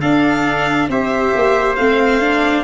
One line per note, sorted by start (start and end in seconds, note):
0.00 0.90 D4
0.00 0.88 D4
0.00 0.88 A4
0.00 0.88 F5
0.88 1.32 C4
0.88 1.78 G4
0.88 2.64 C5
0.88 1.75 E5
1.35 1.77 A#3
1.75 2.64 A3
1.75 2.21 C4
1.75 2.64 F5
2.21 2.64 D4